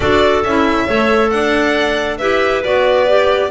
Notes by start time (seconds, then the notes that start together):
0.00 D4 F#4 A4 D5
0.43 C#4 E4 E5
0.87 A3 A4 C#5
1.30 D4 D5 F#5
2.18 E4 G4 B4 E5
2.63 B3 F#4 D5
3.08 G4